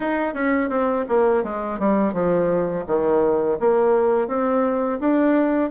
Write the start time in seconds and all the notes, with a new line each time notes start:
0.00 D#4
0.34 C#4
0.69 C4
1.08 A#3
1.43 G#3
1.79 G3
2.13 F3
2.86 D#3
3.59 A#3
4.27 C4
4.99 D4